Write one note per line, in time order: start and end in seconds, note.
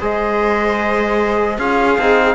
0.00 1.59 G#3
0.00 1.59 G#4
0.00 1.58 C5
0.00 1.60 D#5
1.58 1.98 C#4
1.58 1.99 F4
1.58 2.36 G#4
1.58 2.36 F5
1.99 2.36 C4
1.99 2.36 D#4